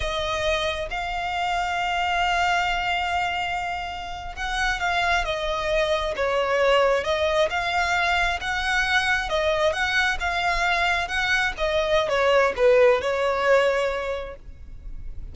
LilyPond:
\new Staff \with { instrumentName = "violin" } { \time 4/4 \tempo 4 = 134 dis''2 f''2~ | f''1~ | f''4.~ f''16 fis''4 f''4 dis''16~ | dis''4.~ dis''16 cis''2 dis''16~ |
dis''8. f''2 fis''4~ fis''16~ | fis''8. dis''4 fis''4 f''4~ f''16~ | f''8. fis''4 dis''4~ dis''16 cis''4 | b'4 cis''2. | }